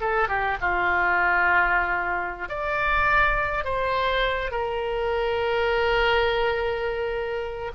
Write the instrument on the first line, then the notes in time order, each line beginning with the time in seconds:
oboe
0.00 A4
0.28 G4
0.60 F4
2.48 D5
3.64 C5
4.51 A#4